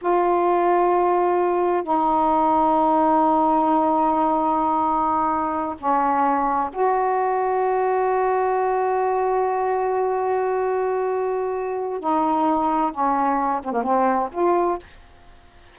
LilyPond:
\new Staff \with { instrumentName = "saxophone" } { \time 4/4 \tempo 4 = 130 f'1 | dis'1~ | dis'1~ | dis'8 cis'2 fis'4.~ |
fis'1~ | fis'1~ | fis'2 dis'2 | cis'4. c'16 ais16 c'4 f'4 | }